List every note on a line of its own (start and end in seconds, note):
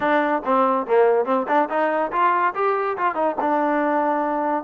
0.00 0.42 D4
0.44 0.86 C4
0.86 1.25 A#3
1.25 1.46 C4
1.48 1.69 D4
1.69 2.11 D#4
2.11 2.54 F4
2.55 2.97 G4
2.97 3.14 F4
3.14 3.36 D#4
3.40 4.63 D4